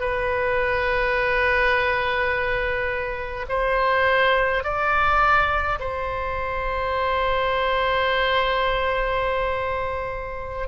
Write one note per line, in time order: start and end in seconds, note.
0.00 3.46 B4
3.49 4.64 C5
4.64 5.79 D5
5.80 10.68 C5